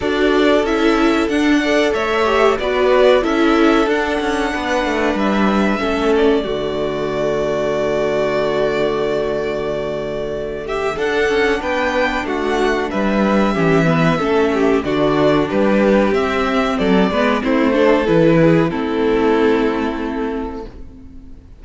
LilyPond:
<<
  \new Staff \with { instrumentName = "violin" } { \time 4/4 \tempo 4 = 93 d''4 e''4 fis''4 e''4 | d''4 e''4 fis''2 | e''4. d''2~ d''8~ | d''1~ |
d''8 e''8 fis''4 g''4 fis''4 | e''2. d''4 | b'4 e''4 d''4 c''4 | b'4 a'2. | }
  \new Staff \with { instrumentName = "violin" } { \time 4/4 a'2~ a'8 d''8 cis''4 | b'4 a'2 b'4~ | b'4 a'4 fis'2~ | fis'1~ |
fis'8 g'8 a'4 b'4 fis'4 | b'4 g'8 b'8 a'8 g'8 fis'4 | g'2 a'8 b'8 e'8 a'8~ | a'8 gis'8 e'2. | }
  \new Staff \with { instrumentName = "viola" } { \time 4/4 fis'4 e'4 d'8 a'4 g'8 | fis'4 e'4 d'2~ | d'4 cis'4 a2~ | a1~ |
a4 d'2.~ | d'4 cis'8 b8 cis'4 d'4~ | d'4 c'4. b8 c'8 d'8 | e'4 c'2. | }
  \new Staff \with { instrumentName = "cello" } { \time 4/4 d'4 cis'4 d'4 a4 | b4 cis'4 d'8 cis'8 b8 a8 | g4 a4 d2~ | d1~ |
d4 d'8 cis'8 b4 a4 | g4 e4 a4 d4 | g4 c'4 fis8 gis8 a4 | e4 a2. | }
>>